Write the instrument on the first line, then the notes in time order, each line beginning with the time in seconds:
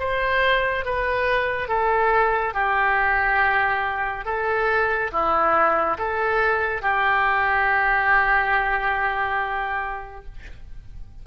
oboe
0.00 C5
0.85 B4
1.68 A4
2.54 G4
4.25 A4
5.12 E4
5.99 A4
6.82 G4